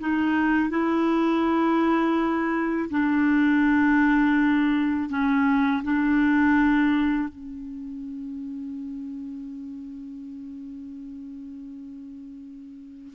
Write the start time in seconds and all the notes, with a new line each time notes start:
0.00 D#4
0.70 E4
2.90 D4
5.09 C#4
5.83 D4
7.28 C#4